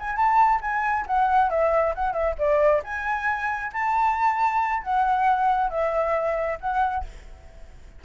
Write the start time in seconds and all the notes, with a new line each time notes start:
0.00 G#5
0.17 A5
0.62 G#5
1.07 F#5
1.50 E5
1.95 F#5
2.13 E5
2.39 D5
2.84 G#5
3.73 A5
4.83 F#5
5.71 E5
6.61 F#5